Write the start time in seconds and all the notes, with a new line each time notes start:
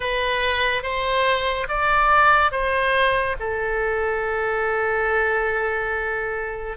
0.00 B4
0.82 C5
1.68 D5
2.51 C5
3.39 A4